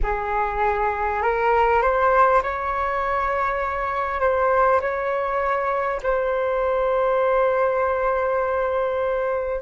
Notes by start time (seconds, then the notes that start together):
0.03 G#4
1.22 A#4
1.82 C5
2.42 C#5
4.20 C5
4.81 C#5
6.03 C5